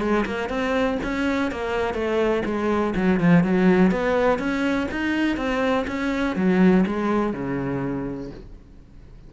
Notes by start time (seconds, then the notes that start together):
0.00 G#3
0.25 A#3
0.49 C4
1.03 C#4
1.51 A#3
1.94 A3
2.45 G#3
2.95 F#3
3.20 F3
3.43 F#3
3.91 B3
4.38 C#4
4.91 D#4
5.37 C4
5.87 C#4
6.36 F#3
6.86 G#3
7.33 C#3